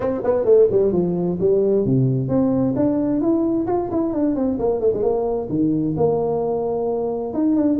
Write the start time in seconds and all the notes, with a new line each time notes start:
0.00 C4
0.24 B3
0.45 A3
0.71 G3
0.92 F3
1.40 G3
1.85 C3
2.28 C4
2.76 D4
3.20 E4
3.66 F4
3.91 E4
4.13 D4
4.35 C4
4.59 A#3
4.80 A3
4.93 G#3
5.02 A#3
5.49 D#3
5.96 A#3
7.33 D#4
7.56 D4